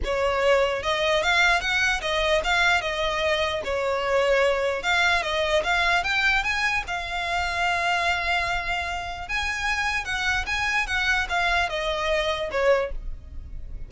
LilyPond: \new Staff \with { instrumentName = "violin" } { \time 4/4 \tempo 4 = 149 cis''2 dis''4 f''4 | fis''4 dis''4 f''4 dis''4~ | dis''4 cis''2. | f''4 dis''4 f''4 g''4 |
gis''4 f''2.~ | f''2. gis''4~ | gis''4 fis''4 gis''4 fis''4 | f''4 dis''2 cis''4 | }